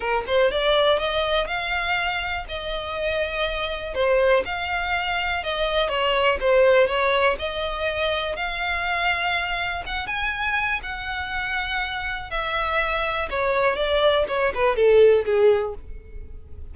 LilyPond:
\new Staff \with { instrumentName = "violin" } { \time 4/4 \tempo 4 = 122 ais'8 c''8 d''4 dis''4 f''4~ | f''4 dis''2. | c''4 f''2 dis''4 | cis''4 c''4 cis''4 dis''4~ |
dis''4 f''2. | fis''8 gis''4. fis''2~ | fis''4 e''2 cis''4 | d''4 cis''8 b'8 a'4 gis'4 | }